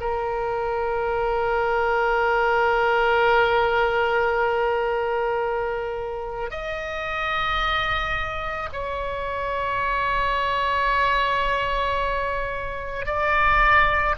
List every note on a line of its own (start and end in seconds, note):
0.00 6.51 A#4
6.51 8.69 D#5
8.72 13.06 C#5
13.06 14.15 D5